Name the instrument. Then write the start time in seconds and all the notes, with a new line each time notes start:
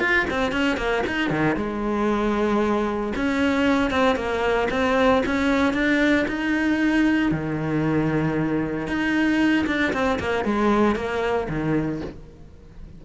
cello
0.00 F4
0.30 C4
0.52 C#4
0.77 A#3
1.07 D#4
1.30 D#3
1.57 G#3
3.16 C#4
3.91 C4
4.16 A#3
4.71 C4
5.26 C#4
5.74 D4
6.28 D#4
7.32 D#3
8.88 D#4
9.67 D4
9.93 C4
10.20 A#3
10.45 G#3
10.96 A#3
11.49 D#3